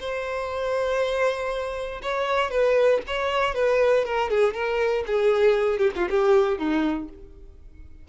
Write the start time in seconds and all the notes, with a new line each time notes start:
0.00 C5
2.03 C#5
2.51 B4
3.07 C#5
3.55 B4
4.05 A#4
4.30 G#4
4.54 A#4
5.07 G#4
5.78 G4
5.96 F4
6.10 G4
6.58 D#4